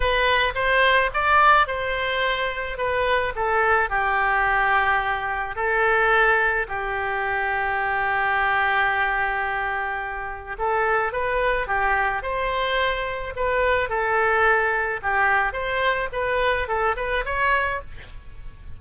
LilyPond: \new Staff \with { instrumentName = "oboe" } { \time 4/4 \tempo 4 = 108 b'4 c''4 d''4 c''4~ | c''4 b'4 a'4 g'4~ | g'2 a'2 | g'1~ |
g'2. a'4 | b'4 g'4 c''2 | b'4 a'2 g'4 | c''4 b'4 a'8 b'8 cis''4 | }